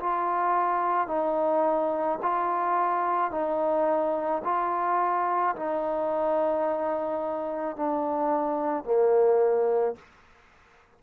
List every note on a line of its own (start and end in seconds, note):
0.00 1.08 F4
1.08 2.19 D#4
2.23 3.32 F4
3.32 4.43 D#4
4.44 5.56 F4
5.56 7.77 D#4
7.77 8.85 D4
8.85 9.96 A#3